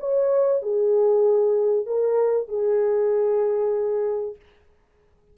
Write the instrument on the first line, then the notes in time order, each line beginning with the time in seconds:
horn
0.00 C#5
0.62 G#4
1.87 A#4
2.49 G#4